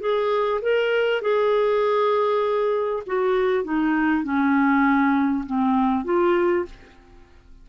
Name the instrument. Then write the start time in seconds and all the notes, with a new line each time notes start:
clarinet
0.00 G#4
0.62 A#4
1.21 G#4
3.07 F#4
3.64 D#4
4.24 C#4
5.46 C4
6.04 F4